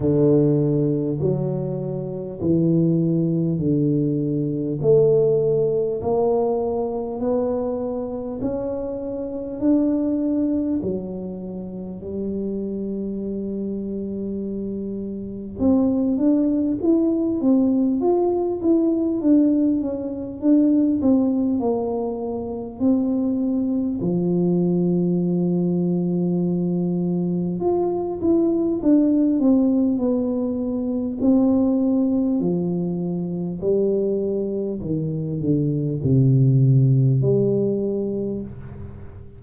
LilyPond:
\new Staff \with { instrumentName = "tuba" } { \time 4/4 \tempo 4 = 50 d4 fis4 e4 d4 | a4 ais4 b4 cis'4 | d'4 fis4 g2~ | g4 c'8 d'8 e'8 c'8 f'8 e'8 |
d'8 cis'8 d'8 c'8 ais4 c'4 | f2. f'8 e'8 | d'8 c'8 b4 c'4 f4 | g4 dis8 d8 c4 g4 | }